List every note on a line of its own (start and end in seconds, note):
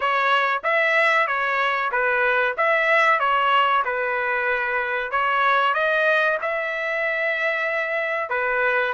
0.00 0.62 C#5
0.63 1.27 E5
1.27 1.91 C#5
1.91 2.55 B4
2.57 3.19 E5
3.19 3.83 C#5
3.84 5.11 B4
5.11 5.74 C#5
5.74 6.37 D#5
6.41 8.29 E5
8.29 8.93 B4